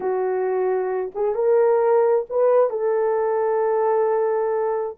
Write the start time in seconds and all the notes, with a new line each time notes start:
0.00 F#4
1.14 G#4
1.35 A#4
2.29 B4
2.70 A4